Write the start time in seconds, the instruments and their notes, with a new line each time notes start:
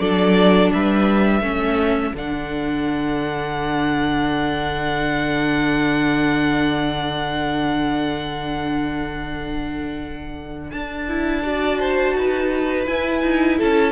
0.00 cello F#3, viola D4, violin A4 D5
0.73 cello G3, violin B4 E5
1.41 cello A3, viola C#4, violin A4
2.15 cello D3, viola D4, violin F#5
10.71 cello D4, violin A5
11.08 viola E4
11.44 viola F#4, violin D5
11.81 violin C5
12.16 cello D#4, violin B4
12.87 viola E4, cello E4, violin G#5
13.23 cello D#4
13.58 cello C#4, violin A4 A5